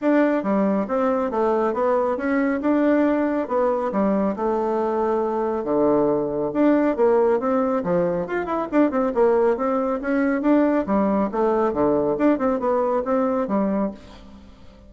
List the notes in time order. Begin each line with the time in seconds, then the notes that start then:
0.01 D4
0.43 G3
0.87 C4
1.30 A3
1.73 B3
2.17 C#4
2.61 D4
3.48 B3
3.92 G3
4.35 A3
5.64 D3
6.53 D4
6.96 A#3
7.39 C4
7.83 F3
8.26 F4
8.45 E4
8.71 D4
8.90 C4
9.14 A#3
9.56 C4
10.01 C#4
10.41 D4
10.86 G3
11.31 A3
11.72 D3
12.18 D4
12.38 C4
12.59 B3
13.05 C4
13.47 G3